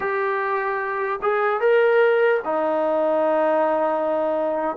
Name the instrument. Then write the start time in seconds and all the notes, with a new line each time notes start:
trombone
0.00 G4
1.22 G#4
1.60 A#4
2.44 D#4